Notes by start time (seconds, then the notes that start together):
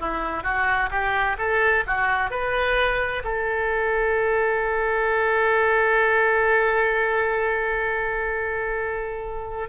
0.00 E4
0.44 F#4
0.91 G4
1.38 A4
1.87 F#4
2.30 B4
3.24 A4